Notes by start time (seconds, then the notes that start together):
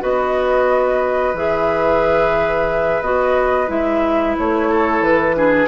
0.00 B3 F#4 B4 D#5
1.33 E3 G#4 E5
3.01 B3 F#4 D#5
3.67 G#3 E4 E5
4.37 A3 C#5
4.69 A4
5.00 E3 B4
5.35 D4 G#4